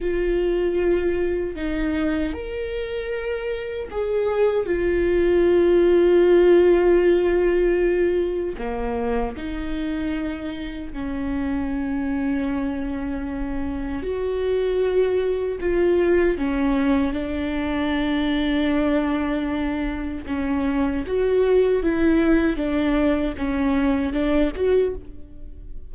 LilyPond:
\new Staff \with { instrumentName = "viola" } { \time 4/4 \tempo 4 = 77 f'2 dis'4 ais'4~ | ais'4 gis'4 f'2~ | f'2. ais4 | dis'2 cis'2~ |
cis'2 fis'2 | f'4 cis'4 d'2~ | d'2 cis'4 fis'4 | e'4 d'4 cis'4 d'8 fis'8 | }